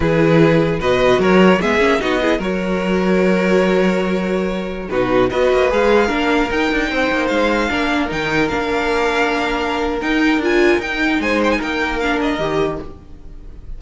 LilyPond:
<<
  \new Staff \with { instrumentName = "violin" } { \time 4/4 \tempo 4 = 150 b'2 dis''4 cis''4 | e''4 dis''4 cis''2~ | cis''1~ | cis''16 b'4 dis''4 f''4.~ f''16~ |
f''16 g''2 f''4.~ f''16~ | f''16 g''4 f''2~ f''8.~ | f''4 g''4 gis''4 g''4 | gis''8 g''16 gis''16 g''4 f''8 dis''4. | }
  \new Staff \with { instrumentName = "violin" } { \time 4/4 gis'2 b'4 ais'4 | gis'4 fis'8 gis'8 ais'2~ | ais'1~ | ais'16 fis'4 b'2 ais'8.~ |
ais'4~ ais'16 c''2 ais'8.~ | ais'1~ | ais'1 | c''4 ais'2. | }
  \new Staff \with { instrumentName = "viola" } { \time 4/4 e'2 fis'2 | b8 cis'8 dis'8 e'8 fis'2~ | fis'1~ | fis'16 dis'4 fis'4 gis'4 d'8.~ |
d'16 dis'2. d'8.~ | d'16 dis'4 d'2~ d'8.~ | d'4 dis'4 f'4 dis'4~ | dis'2 d'4 g'4 | }
  \new Staff \with { instrumentName = "cello" } { \time 4/4 e2 b,4 fis4 | gis8 ais8 b4 fis2~ | fis1~ | fis16 b,4 b8 ais8 gis4 ais8.~ |
ais16 dis'8 d'8 c'8 ais8 gis4 ais8.~ | ais16 dis4 ais2~ ais8.~ | ais4 dis'4 d'4 dis'4 | gis4 ais2 dis4 | }
>>